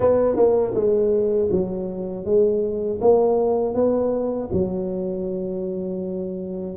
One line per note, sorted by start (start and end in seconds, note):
0.00 0.36 B3
0.36 0.73 A#3
0.74 1.49 G#3
1.51 2.25 F#3
2.25 3.00 G#3
3.01 3.74 A#3
3.74 4.49 B3
4.52 6.76 F#3